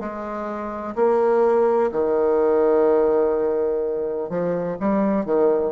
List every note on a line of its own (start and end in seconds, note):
0.00 0.95 G#3
0.96 1.91 A#3
1.92 4.30 D#3
4.30 4.77 F3
4.80 5.26 G3
5.26 5.72 D#3